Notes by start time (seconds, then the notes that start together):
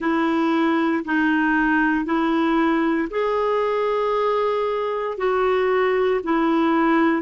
0.00 E4
1.04 D#4
2.05 E4
3.10 G#4
5.17 F#4
6.23 E4